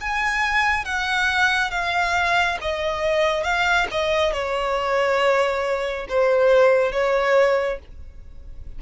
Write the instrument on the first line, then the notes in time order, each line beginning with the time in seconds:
violin
0.00 G#5
0.85 F#5
1.70 F5
2.61 D#5
3.43 F5
3.91 D#5
4.33 C#5
6.08 C5
6.92 C#5